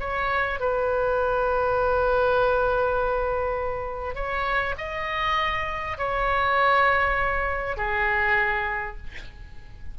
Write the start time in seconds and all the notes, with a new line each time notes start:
0.00 C#5
0.60 B4
4.15 C#5
4.78 D#5
5.98 C#5
7.77 G#4